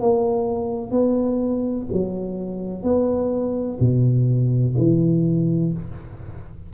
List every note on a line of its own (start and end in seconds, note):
0.00 0.91 A#3
0.91 1.86 B3
1.92 2.83 F#3
2.83 3.78 B3
3.80 4.75 B2
4.78 5.73 E3